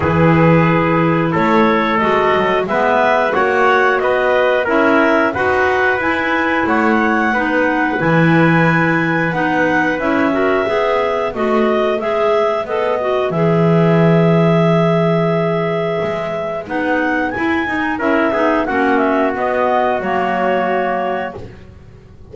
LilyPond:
<<
  \new Staff \with { instrumentName = "clarinet" } { \time 4/4 \tempo 4 = 90 b'2 cis''4 dis''4 | e''4 fis''4 dis''4 e''4 | fis''4 gis''4 fis''2 | gis''2 fis''4 e''4~ |
e''4 dis''4 e''4 dis''4 | e''1~ | e''4 fis''4 gis''4 e''4 | fis''8 e''8 dis''4 cis''2 | }
  \new Staff \with { instrumentName = "trumpet" } { \time 4/4 gis'2 a'2 | b'4 cis''4 b'4 ais'4 | b'2 cis''4 b'4~ | b'2.~ b'8 ais'8 |
b'1~ | b'1~ | b'2. ais'8 gis'8 | fis'1 | }
  \new Staff \with { instrumentName = "clarinet" } { \time 4/4 e'2. fis'4 | b4 fis'2 e'4 | fis'4 e'2 dis'4 | e'2 dis'4 e'8 fis'8 |
gis'4 fis'4 gis'4 a'8 fis'8 | gis'1~ | gis'4 dis'4 e'8 dis'8 e'8 dis'8 | cis'4 b4 ais2 | }
  \new Staff \with { instrumentName = "double bass" } { \time 4/4 e2 a4 gis8 fis8 | gis4 ais4 b4 cis'4 | dis'4 e'4 a4 b4 | e2 b4 cis'4 |
b4 a4 gis4 b4 | e1 | gis4 b4 e'8 dis'8 cis'8 b8 | ais4 b4 fis2 | }
>>